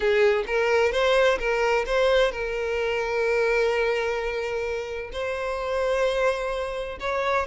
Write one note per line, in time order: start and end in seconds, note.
0.00 0.44 G#4
0.47 0.92 A#4
0.92 1.38 C5
1.38 1.85 A#4
1.86 2.31 C5
2.31 5.10 A#4
5.12 6.98 C5
7.00 7.46 C#5